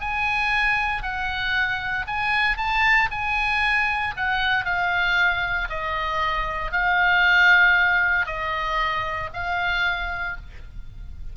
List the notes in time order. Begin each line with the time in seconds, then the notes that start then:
0.00 G#5
1.03 F#5
2.07 G#5
2.57 A5
3.11 G#5
4.17 F#5
4.65 F5
5.69 D#5
6.72 F5
8.26 D#5
9.33 F5